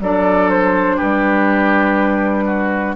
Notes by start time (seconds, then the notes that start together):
0.00 F#3 D4 A4 D5
0.50 C5
0.97 G3 G4 B4
2.46 F#4